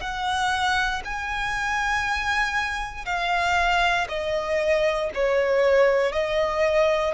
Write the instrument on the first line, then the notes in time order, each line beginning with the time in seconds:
violin
0.00 F#5
1.04 G#5
3.05 F5
4.08 D#5
5.14 C#5
6.12 D#5